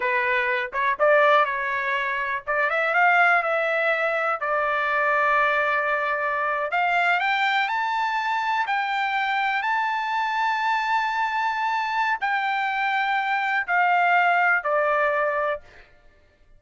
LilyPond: \new Staff \with { instrumentName = "trumpet" } { \time 4/4 \tempo 4 = 123 b'4. cis''8 d''4 cis''4~ | cis''4 d''8 e''8 f''4 e''4~ | e''4 d''2.~ | d''4.~ d''16 f''4 g''4 a''16~ |
a''4.~ a''16 g''2 a''16~ | a''1~ | a''4 g''2. | f''2 d''2 | }